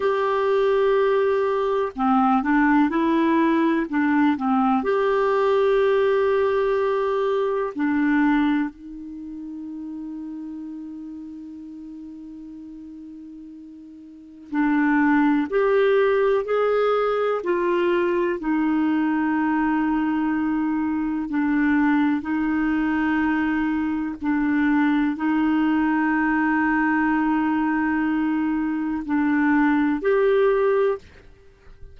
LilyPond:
\new Staff \with { instrumentName = "clarinet" } { \time 4/4 \tempo 4 = 62 g'2 c'8 d'8 e'4 | d'8 c'8 g'2. | d'4 dis'2.~ | dis'2. d'4 |
g'4 gis'4 f'4 dis'4~ | dis'2 d'4 dis'4~ | dis'4 d'4 dis'2~ | dis'2 d'4 g'4 | }